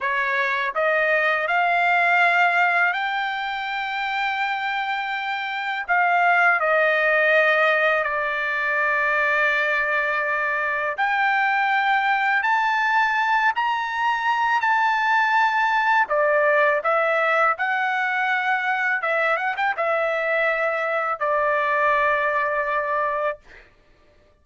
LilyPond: \new Staff \with { instrumentName = "trumpet" } { \time 4/4 \tempo 4 = 82 cis''4 dis''4 f''2 | g''1 | f''4 dis''2 d''4~ | d''2. g''4~ |
g''4 a''4. ais''4. | a''2 d''4 e''4 | fis''2 e''8 fis''16 g''16 e''4~ | e''4 d''2. | }